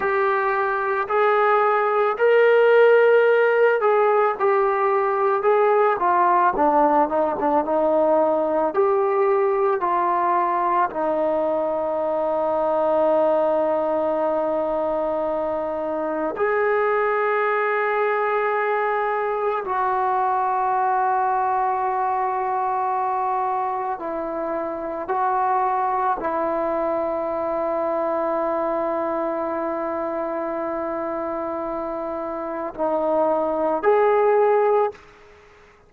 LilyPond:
\new Staff \with { instrumentName = "trombone" } { \time 4/4 \tempo 4 = 55 g'4 gis'4 ais'4. gis'8 | g'4 gis'8 f'8 d'8 dis'16 d'16 dis'4 | g'4 f'4 dis'2~ | dis'2. gis'4~ |
gis'2 fis'2~ | fis'2 e'4 fis'4 | e'1~ | e'2 dis'4 gis'4 | }